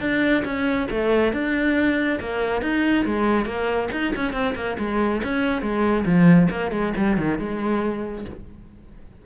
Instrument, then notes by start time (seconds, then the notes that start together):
cello
0.00 D4
0.44 C#4
0.90 A3
1.33 D4
2.20 A#3
2.61 D#4
3.05 G#3
3.45 A#3
3.92 D#4
4.15 C#4
4.33 C4
4.55 A#3
4.78 G#3
5.23 C#4
5.61 G#3
6.05 F3
6.50 A#3
6.71 G#3
6.96 G3
7.17 D#3
7.38 G#3